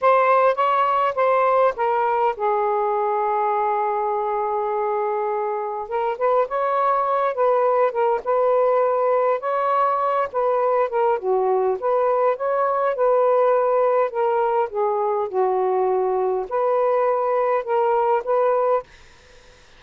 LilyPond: \new Staff \with { instrumentName = "saxophone" } { \time 4/4 \tempo 4 = 102 c''4 cis''4 c''4 ais'4 | gis'1~ | gis'2 ais'8 b'8 cis''4~ | cis''8 b'4 ais'8 b'2 |
cis''4. b'4 ais'8 fis'4 | b'4 cis''4 b'2 | ais'4 gis'4 fis'2 | b'2 ais'4 b'4 | }